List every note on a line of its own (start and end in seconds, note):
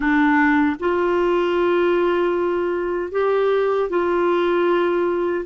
0.00 0.76 D4
0.79 3.11 F4
3.11 3.89 G4
3.89 5.45 F4